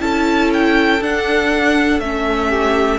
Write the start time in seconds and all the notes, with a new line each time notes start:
0.00 C#4 E4 A4 A5
0.54 G5
1.01 D4 F#5
2.00 A3 C#4 E5
2.49 G4